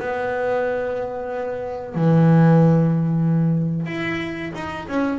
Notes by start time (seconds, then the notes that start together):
0.00 B3
1.95 E3
3.87 E4
4.55 D#4
4.89 C#4